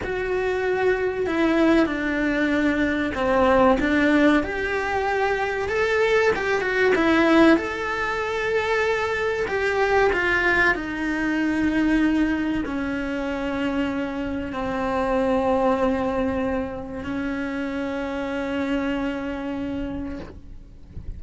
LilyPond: \new Staff \with { instrumentName = "cello" } { \time 4/4 \tempo 4 = 95 fis'2 e'4 d'4~ | d'4 c'4 d'4 g'4~ | g'4 a'4 g'8 fis'8 e'4 | a'2. g'4 |
f'4 dis'2. | cis'2. c'4~ | c'2. cis'4~ | cis'1 | }